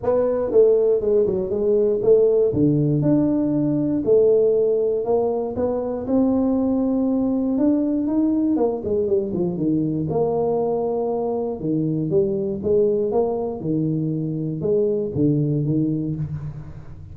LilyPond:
\new Staff \with { instrumentName = "tuba" } { \time 4/4 \tempo 4 = 119 b4 a4 gis8 fis8 gis4 | a4 d4 d'2 | a2 ais4 b4 | c'2. d'4 |
dis'4 ais8 gis8 g8 f8 dis4 | ais2. dis4 | g4 gis4 ais4 dis4~ | dis4 gis4 d4 dis4 | }